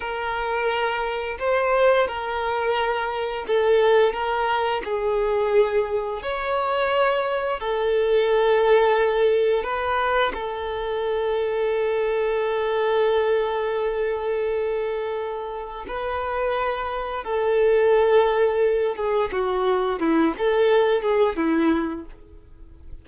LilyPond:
\new Staff \with { instrumentName = "violin" } { \time 4/4 \tempo 4 = 87 ais'2 c''4 ais'4~ | ais'4 a'4 ais'4 gis'4~ | gis'4 cis''2 a'4~ | a'2 b'4 a'4~ |
a'1~ | a'2. b'4~ | b'4 a'2~ a'8 gis'8 | fis'4 e'8 a'4 gis'8 e'4 | }